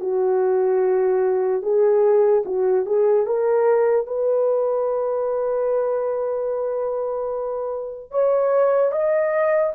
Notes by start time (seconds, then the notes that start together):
0.00 F#4
1.63 G#4
2.45 F#4
2.86 G#4
3.27 A#4
4.07 B4
8.11 C#5
8.92 D#5